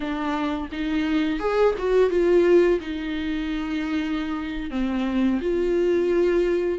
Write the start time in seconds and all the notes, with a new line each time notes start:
0.00 D4
0.72 D#4
1.39 G#4
1.78 F#4
2.10 F4
2.80 D#4
4.70 C4
5.41 F4